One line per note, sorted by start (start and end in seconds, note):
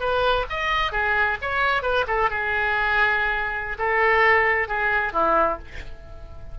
0.00 0.45 B4
0.50 0.92 D#5
0.92 1.37 G#4
1.41 1.82 C#5
1.82 2.05 B4
2.07 2.30 A4
2.30 3.78 G#4
3.78 4.68 A4
4.68 5.13 G#4
5.13 5.58 E4